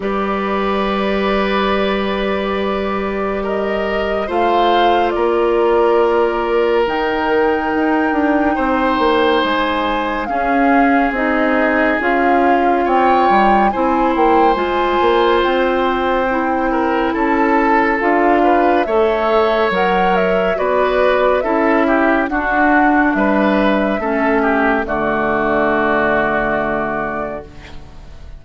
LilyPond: <<
  \new Staff \with { instrumentName = "flute" } { \time 4/4 \tempo 4 = 70 d''1 | dis''4 f''4 d''2 | g''2. gis''4 | f''4 dis''4 f''4 g''4 |
gis''8 g''8 gis''4 g''2 | a''4 f''4 e''4 fis''8 e''8 | d''4 e''4 fis''4 e''4~ | e''4 d''2. | }
  \new Staff \with { instrumentName = "oboe" } { \time 4/4 b'1 | ais'4 c''4 ais'2~ | ais'2 c''2 | gis'2. cis''4 |
c''2.~ c''8 ais'8 | a'4. b'8 cis''2 | b'4 a'8 g'8 fis'4 b'4 | a'8 g'8 fis'2. | }
  \new Staff \with { instrumentName = "clarinet" } { \time 4/4 g'1~ | g'4 f'2. | dis'1 | cis'4 dis'4 f'2 |
e'4 f'2 e'4~ | e'4 f'4 a'4 ais'4 | fis'4 e'4 d'2 | cis'4 a2. | }
  \new Staff \with { instrumentName = "bassoon" } { \time 4/4 g1~ | g4 a4 ais2 | dis4 dis'8 d'8 c'8 ais8 gis4 | cis'4 c'4 cis'4 c'8 g8 |
c'8 ais8 gis8 ais8 c'2 | cis'4 d'4 a4 fis4 | b4 cis'4 d'4 g4 | a4 d2. | }
>>